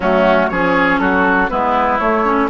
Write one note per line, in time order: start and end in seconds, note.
0.00 0.49 F#3
0.00 0.52 A3
0.00 0.50 C#4
0.00 0.48 F#4
0.48 0.99 F3
0.48 1.49 C#4
0.48 1.01 G#4
0.48 0.98 C#5
0.99 1.49 F#3
0.99 1.50 F#4
0.99 1.49 A4
1.49 1.99 G#3
1.49 1.99 B3
1.49 2.49 E4
1.49 1.99 B4
1.99 2.49 A3
1.99 2.24 A3
1.99 2.49 C#5
2.24 2.49 C#4